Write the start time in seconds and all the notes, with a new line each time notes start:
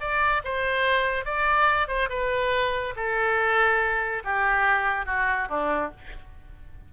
0.00 D5
0.44 C5
1.25 D5
1.88 C5
2.10 B4
2.96 A4
4.24 G4
5.06 F#4
5.49 D4